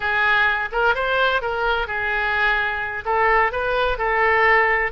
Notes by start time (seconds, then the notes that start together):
0.00 G#4
0.72 A#4
0.94 C5
1.41 A#4
1.87 G#4
3.05 A4
3.52 B4
3.98 A4